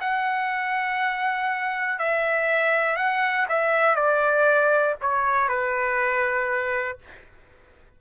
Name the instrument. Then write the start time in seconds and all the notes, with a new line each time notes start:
trumpet
0.00 F#5
1.99 E5
2.96 F#5
3.48 E5
3.95 D5
5.01 C#5
5.48 B4